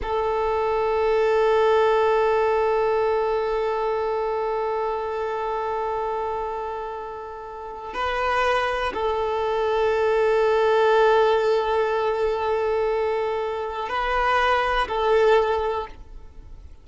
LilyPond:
\new Staff \with { instrumentName = "violin" } { \time 4/4 \tempo 4 = 121 a'1~ | a'1~ | a'1~ | a'1 |
b'2 a'2~ | a'1~ | a'1 | b'2 a'2 | }